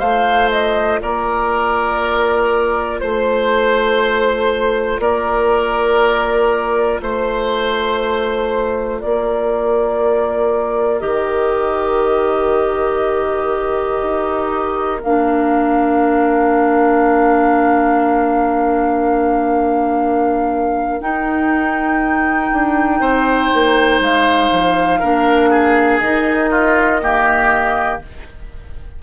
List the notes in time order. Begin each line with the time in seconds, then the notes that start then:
0.00 A3 F4 C5 F5
0.51 D#5
1.02 A#3 A#4 D5
3.00 A3 C5
5.00 A#3 A#4 D5
7.02 A3 C5
9.01 A#3 A#4 D5
11.00 D#3 G4 D#5
14.02 D#4
15.04 A#3 D4 F5
21.01 D#4 G5
22.53 D4
23.01 C4 C5
23.54 A#3
24.00 G#3 F5
24.52 F3
25.00 A#3 D4 A#4
25.50 G#4
26.00 D#3 D#4 D#5
26.51 F4
27.02 A#3 G4